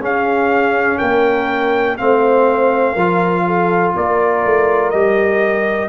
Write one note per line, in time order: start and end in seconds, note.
0.00 0.98 C#4
0.00 1.98 C#4
0.00 0.98 G#4
0.00 0.99 F5
0.98 2.00 A#3
0.98 1.96 A#4
0.98 1.97 G5
1.98 2.96 A3
1.98 2.97 C4
1.98 2.94 C5
1.98 3.94 F5
2.94 3.94 F3
2.94 4.94 F4
2.94 3.43 A#4
3.47 3.96 A4
3.96 4.45 A#3
3.96 5.89 A#4
3.96 4.91 D5
4.45 4.95 A3
4.91 5.89 G3
4.91 5.89 G4
4.91 5.89 D#5